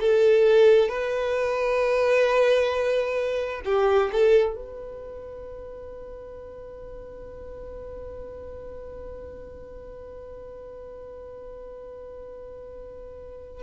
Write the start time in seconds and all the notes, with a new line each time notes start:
0.00 A4
0.89 B4
3.65 G4
4.12 A4
4.56 B4